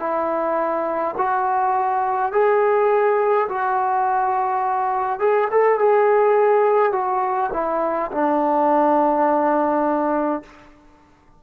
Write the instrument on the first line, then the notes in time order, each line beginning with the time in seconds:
trombone
0.00 E4
1.18 F#4
2.32 G#4
3.49 F#4
5.20 G#4
5.51 A4
5.80 G#4
6.93 F#4
7.54 E4
8.12 D4